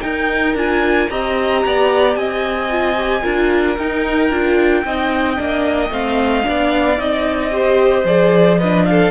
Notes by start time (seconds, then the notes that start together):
0.00 D#4 A#4 G5
0.54 D4 F4 G#5
1.10 C4 G4 D#5 A#5
1.65 B3 D5
2.15 C4 D#5 G#5
2.69 F4
2.96 G4
3.22 D4 F4 A#4
3.78 D#4 G5
4.29 D4 F4
4.84 C4 D#4 D#5
5.36 A#3 D4
5.89 A3 C4 F5
6.43 B3 D4 D5
6.97 C4 D#4 D#5
7.51 G4 C5
8.04 F3 G#4 D5
8.58 D4 B4 D#5
8.85 A4 F5